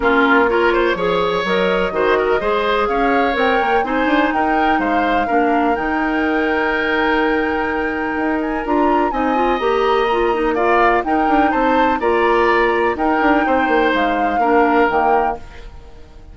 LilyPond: <<
  \new Staff \with { instrumentName = "flute" } { \time 4/4 \tempo 4 = 125 ais'4 cis''2 dis''4~ | dis''2 f''4 g''4 | gis''4 g''4 f''2 | g''1~ |
g''4. gis''8 ais''4 gis''4 | ais''2 f''4 g''4 | a''4 ais''2 g''4~ | g''4 f''2 g''4 | }
  \new Staff \with { instrumentName = "oboe" } { \time 4/4 f'4 ais'8 c''8 cis''2 | c''8 ais'8 c''4 cis''2 | c''4 ais'4 c''4 ais'4~ | ais'1~ |
ais'2. dis''4~ | dis''2 d''4 ais'4 | c''4 d''2 ais'4 | c''2 ais'2 | }
  \new Staff \with { instrumentName = "clarinet" } { \time 4/4 cis'4 f'4 gis'4 ais'4 | fis'4 gis'2 ais'4 | dis'2. d'4 | dis'1~ |
dis'2 f'4 dis'8 f'8 | g'4 f'8 dis'8 f'4 dis'4~ | dis'4 f'2 dis'4~ | dis'2 d'4 ais4 | }
  \new Staff \with { instrumentName = "bassoon" } { \time 4/4 ais2 f4 fis4 | dis4 gis4 cis'4 c'8 ais8 | c'8 d'8 dis'4 gis4 ais4 | dis1~ |
dis4 dis'4 d'4 c'4 | ais2. dis'8 d'8 | c'4 ais2 dis'8 d'8 | c'8 ais8 gis4 ais4 dis4 | }
>>